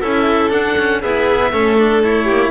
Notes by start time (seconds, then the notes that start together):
0.00 C#4 E4 A4 E5
0.49 D4 F#5
0.78 C#4
1.01 B3 E4 G#4 E5
1.52 A3 C#4 A4
1.78 D4
2.03 E4 C#5
2.24 A#3 G4